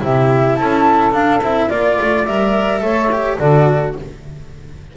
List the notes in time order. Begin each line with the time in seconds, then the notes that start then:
0.00 C3 E4 G4 E5
0.56 C#4 A4 A5
1.12 D4 F5
1.42 C4 E4 E5
1.69 A#3 F4 D5
2.02 A3
2.26 G3 A#4 E5
2.81 A3 A4 C#5
3.12 G4
3.39 D3 F#4 A4 D5